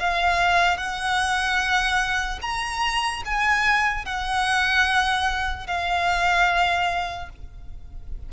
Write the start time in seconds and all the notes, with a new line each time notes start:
0.00 F5
0.77 F#5
2.42 A#5
3.26 G#5
4.06 F#5
5.67 F5